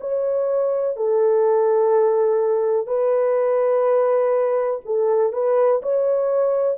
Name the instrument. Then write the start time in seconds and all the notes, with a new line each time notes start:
horn
0.00 C#5
0.96 A4
2.86 B4
4.85 A4
5.32 B4
5.82 C#5